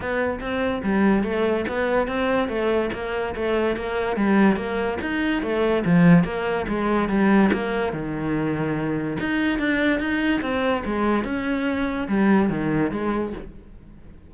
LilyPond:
\new Staff \with { instrumentName = "cello" } { \time 4/4 \tempo 4 = 144 b4 c'4 g4 a4 | b4 c'4 a4 ais4 | a4 ais4 g4 ais4 | dis'4 a4 f4 ais4 |
gis4 g4 ais4 dis4~ | dis2 dis'4 d'4 | dis'4 c'4 gis4 cis'4~ | cis'4 g4 dis4 gis4 | }